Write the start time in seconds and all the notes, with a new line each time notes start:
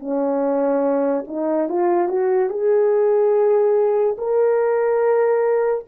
0.00 C#4
1.28 D#4
1.69 F4
2.09 F#4
2.50 G#4
4.19 A#4